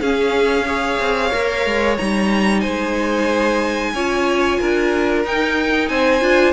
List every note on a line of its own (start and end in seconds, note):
0.00 0.98 C#4
0.00 0.66 C#4
0.00 0.66 G#4
0.00 1.96 F5
0.66 1.31 G#4
0.66 2.61 C#5
0.99 1.32 C4
1.32 1.65 A#3
1.32 1.97 A#4
1.65 1.98 G#3
1.97 2.64 G3
1.97 3.94 D#4
1.97 2.60 A#5
2.60 3.93 G#3
2.60 3.91 C5
2.60 5.21 G#5
3.93 4.59 C#4
3.93 5.24 F4
3.93 4.59 C#5
4.59 5.24 D4
4.59 5.90 A#4
5.24 6.21 D#4
5.24 5.89 D#4
5.24 5.88 G5
5.88 6.21 C4
5.88 6.52 C5
5.88 6.52 G#5
6.21 6.52 D4
6.21 6.52 F4